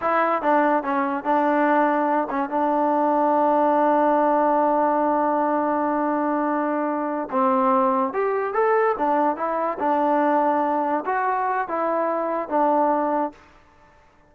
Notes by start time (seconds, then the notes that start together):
0.01 E4
0.42 D4
0.83 C#4
1.23 D4
2.30 C#4
2.49 D4
7.30 C4
8.13 G4
8.53 A4
8.98 D4
9.36 E4
9.79 D4
11.05 F#4
11.67 E4
12.48 D4